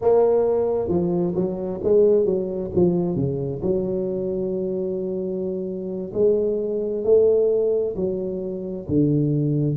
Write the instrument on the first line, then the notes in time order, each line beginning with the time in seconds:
tuba
0.01 A#3
0.88 F3
1.35 F#3
1.83 G#3
2.25 F#3
2.74 F3
3.15 C#3
3.62 F#3
6.13 G#3
7.04 A3
7.95 F#3
8.88 D3